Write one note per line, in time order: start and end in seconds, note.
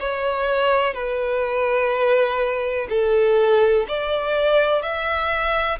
0.00 0.94 C#5
0.94 2.88 B4
2.90 3.87 A4
3.88 4.83 D5
4.83 5.79 E5